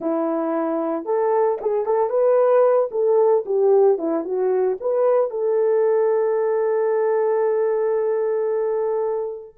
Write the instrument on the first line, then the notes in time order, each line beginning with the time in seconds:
horn
0.00 E4
1.05 A4
1.61 G#4
1.85 A4
2.09 B4
2.91 A4
3.45 G4
3.98 E4
4.24 F#4
4.80 B4
5.30 A4